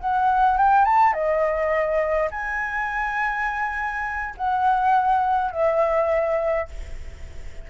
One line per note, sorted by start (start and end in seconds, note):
0.00 0.57 F#5
0.57 0.85 G5
0.85 1.13 A5
1.13 2.30 D#5
2.31 4.35 G#5
4.37 5.51 F#5
5.51 6.68 E5